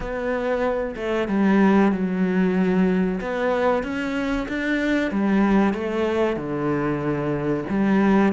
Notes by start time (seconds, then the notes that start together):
0.00 B3
0.96 A3
1.28 G3
1.92 F#3
3.20 B3
3.83 C#4
4.48 D4
5.11 G3
5.73 A3
6.36 D3
7.69 G3